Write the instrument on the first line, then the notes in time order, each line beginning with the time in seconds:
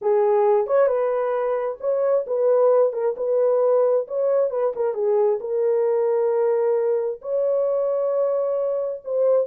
horn
0.01 G#4
0.66 C#5
0.87 B4
1.80 C#5
2.26 B4
2.92 A#4
3.16 B4
4.07 C#5
4.50 B4
4.75 A#4
4.94 G#4
5.40 A#4
7.21 C#5
9.04 C5